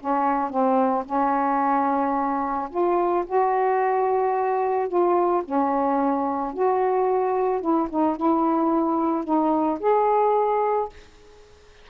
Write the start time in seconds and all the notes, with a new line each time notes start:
0.00 C#4
0.50 C4
1.06 C#4
2.70 F4
3.27 F#4
4.88 F4
5.45 C#4
6.54 F#4
7.61 E4
7.90 D#4
8.17 E4
9.25 D#4
9.80 G#4